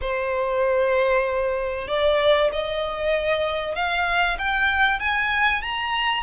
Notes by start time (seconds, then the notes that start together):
0.01 C5
1.88 D5
2.52 D#5
3.75 F5
4.38 G5
4.99 G#5
5.62 A#5